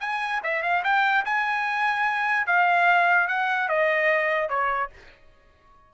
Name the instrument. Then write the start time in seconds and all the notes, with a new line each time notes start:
trumpet
0.00 G#5
0.43 E5
0.63 F5
0.84 G5
1.25 G#5
2.47 F5
3.28 F#5
3.69 D#5
4.49 C#5